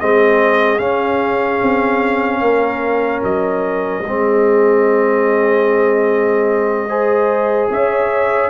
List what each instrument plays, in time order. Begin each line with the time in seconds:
0.00 tuba G#3, trombone C4, horn G#4, trumpet D#5
0.79 trombone C#4, tuba C#4, trumpet F5
1.62 tuba C4
2.41 tuba A#3, horn A#4
3.23 tuba F#3, trumpet D#5
4.04 tuba G#3, trombone C4, horn G#4
6.88 trombone G#4, horn C5
7.70 tuba C#4, horn C#5, trumpet E5